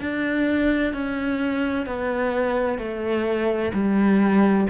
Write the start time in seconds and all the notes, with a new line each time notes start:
0.00 D4
0.94 C#4
1.86 B3
2.78 A3
3.73 G3